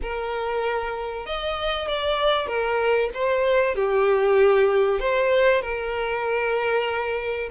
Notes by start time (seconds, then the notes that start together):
0.02 A#4
1.26 D#5
1.88 D5
2.47 A#4
3.14 C5
3.75 G4
4.99 C5
5.61 A#4